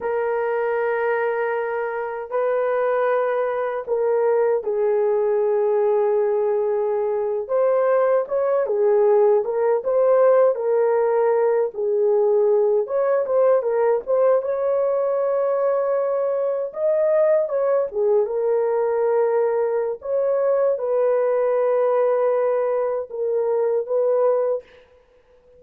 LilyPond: \new Staff \with { instrumentName = "horn" } { \time 4/4 \tempo 4 = 78 ais'2. b'4~ | b'4 ais'4 gis'2~ | gis'4.~ gis'16 c''4 cis''8 gis'8.~ | gis'16 ais'8 c''4 ais'4. gis'8.~ |
gis'8. cis''8 c''8 ais'8 c''8 cis''4~ cis''16~ | cis''4.~ cis''16 dis''4 cis''8 gis'8 ais'16~ | ais'2 cis''4 b'4~ | b'2 ais'4 b'4 | }